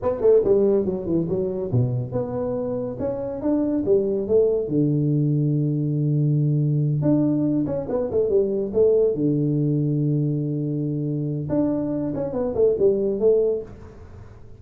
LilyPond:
\new Staff \with { instrumentName = "tuba" } { \time 4/4 \tempo 4 = 141 b8 a8 g4 fis8 e8 fis4 | b,4 b2 cis'4 | d'4 g4 a4 d4~ | d1~ |
d8 d'4. cis'8 b8 a8 g8~ | g8 a4 d2~ d8~ | d2. d'4~ | d'8 cis'8 b8 a8 g4 a4 | }